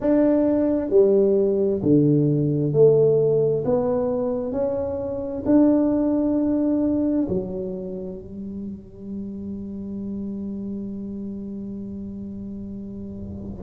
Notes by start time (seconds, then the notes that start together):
0.00 D4
0.89 G3
1.82 D3
2.73 A3
3.64 B3
4.52 C#4
5.45 D4
7.28 F#3
8.19 G3